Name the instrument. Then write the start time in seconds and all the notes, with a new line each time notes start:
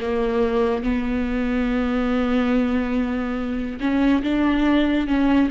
viola
0.00 A#3
0.83 B3
3.80 C#4
4.22 D4
5.07 C#4